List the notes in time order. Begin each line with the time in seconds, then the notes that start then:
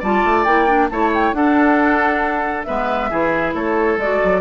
0.00 G3 F4 D5 A5
0.24 A3
0.44 A#3 E4 G5
0.68 D4
0.90 A3 E4 C#5 A5
1.14 G5
1.33 D4 A4 F#5
2.64 G#3 B3 B4 E5
3.10 E3 E4 G#4
3.54 A3 A4 C#5
3.98 G#3 F#4 D5
4.24 F#3